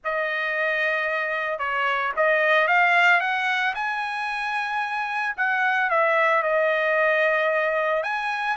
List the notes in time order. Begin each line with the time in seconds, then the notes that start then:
0.04 D#5
1.59 C#5
2.16 D#5
2.67 F5
3.20 F#5
3.75 G#5
5.36 F#5
5.90 E5
6.42 D#5
8.03 G#5